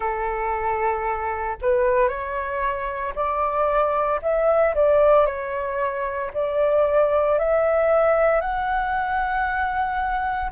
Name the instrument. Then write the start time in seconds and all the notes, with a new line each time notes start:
flute
0.00 A4
1.61 B4
2.08 C#5
3.15 D5
4.22 E5
4.75 D5
5.26 C#5
6.33 D5
7.38 E5
8.40 F#5